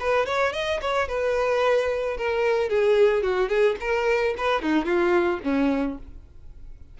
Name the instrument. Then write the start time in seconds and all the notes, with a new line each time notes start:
violin
0.00 B4
0.26 C#5
0.53 D#5
0.81 C#5
1.08 B4
2.17 A#4
2.69 G#4
3.23 F#4
3.49 G#4
3.80 A#4
4.38 B4
4.62 D#4
4.85 F4
5.44 C#4